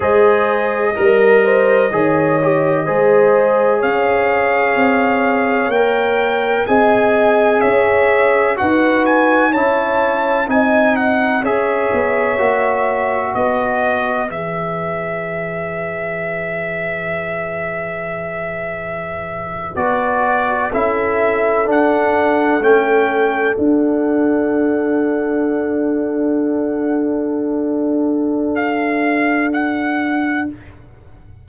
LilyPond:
<<
  \new Staff \with { instrumentName = "trumpet" } { \time 4/4 \tempo 4 = 63 dis''1 | f''2 g''4 gis''4 | e''4 fis''8 gis''8 a''4 gis''8 fis''8 | e''2 dis''4 e''4~ |
e''1~ | e''8. d''4 e''4 fis''4 g''16~ | g''8. fis''2.~ fis''16~ | fis''2 f''4 fis''4 | }
  \new Staff \with { instrumentName = "horn" } { \time 4/4 c''4 ais'8 c''8 cis''4 c''4 | cis''2. dis''4 | cis''4 b'4 cis''4 dis''4 | cis''2 b'2~ |
b'1~ | b'4.~ b'16 a'2~ a'16~ | a'1~ | a'1 | }
  \new Staff \with { instrumentName = "trombone" } { \time 4/4 gis'4 ais'4 gis'8 g'8 gis'4~ | gis'2 ais'4 gis'4~ | gis'4 fis'4 e'4 dis'4 | gis'4 fis'2 gis'4~ |
gis'1~ | gis'8. fis'4 e'4 d'4 cis'16~ | cis'8. d'2.~ d'16~ | d'1 | }
  \new Staff \with { instrumentName = "tuba" } { \time 4/4 gis4 g4 dis4 gis4 | cis'4 c'4 ais4 c'4 | cis'4 dis'4 cis'4 c'4 | cis'8 b8 ais4 b4 e4~ |
e1~ | e8. b4 cis'4 d'4 a16~ | a8. d'2.~ d'16~ | d'1 | }
>>